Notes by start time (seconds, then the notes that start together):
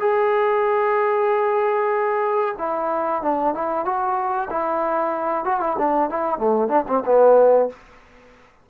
0.00 G#4
2.58 E4
3.22 D4
3.54 E4
3.85 F#4
4.51 E4
5.45 F#4
5.61 E4
5.78 D4
6.10 E4
6.38 A3
6.68 D4
6.88 C4
7.06 B3